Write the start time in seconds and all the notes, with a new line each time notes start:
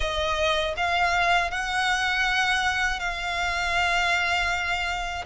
0.00 D#5
0.76 F5
1.50 F#5
2.99 F5